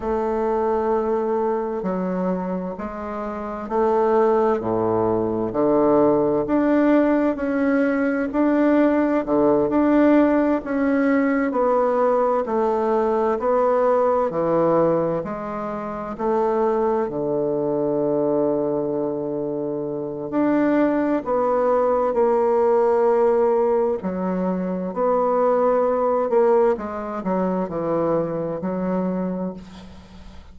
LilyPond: \new Staff \with { instrumentName = "bassoon" } { \time 4/4 \tempo 4 = 65 a2 fis4 gis4 | a4 a,4 d4 d'4 | cis'4 d'4 d8 d'4 cis'8~ | cis'8 b4 a4 b4 e8~ |
e8 gis4 a4 d4.~ | d2 d'4 b4 | ais2 fis4 b4~ | b8 ais8 gis8 fis8 e4 fis4 | }